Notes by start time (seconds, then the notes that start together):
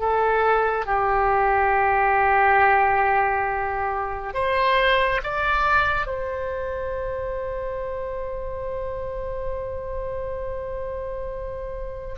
0.00 A4
0.86 G4
4.34 C5
5.24 D5
6.07 C5